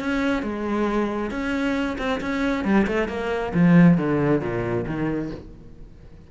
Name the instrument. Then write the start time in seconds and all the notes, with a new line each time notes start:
cello
0.00 C#4
0.43 G#3
1.31 C#4
1.98 C4
2.21 C#4
2.65 G3
2.87 A3
3.09 A#3
3.54 F3
3.97 D3
4.41 A#2
4.87 D#3